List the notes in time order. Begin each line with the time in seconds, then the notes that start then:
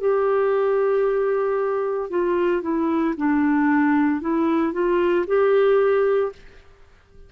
0.00 G4
2.10 F4
2.61 E4
3.17 D4
4.21 E4
4.72 F4
5.27 G4